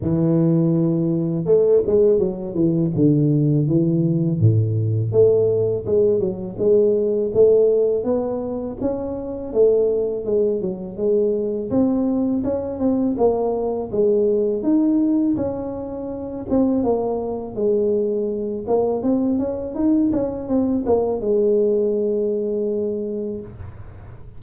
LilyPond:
\new Staff \with { instrumentName = "tuba" } { \time 4/4 \tempo 4 = 82 e2 a8 gis8 fis8 e8 | d4 e4 a,4 a4 | gis8 fis8 gis4 a4 b4 | cis'4 a4 gis8 fis8 gis4 |
c'4 cis'8 c'8 ais4 gis4 | dis'4 cis'4. c'8 ais4 | gis4. ais8 c'8 cis'8 dis'8 cis'8 | c'8 ais8 gis2. | }